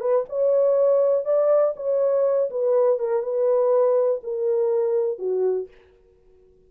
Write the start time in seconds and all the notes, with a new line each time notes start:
0.00 B4
0.29 C#5
1.25 D5
1.76 C#5
2.50 B4
2.99 A#4
3.22 B4
4.24 A#4
5.19 F#4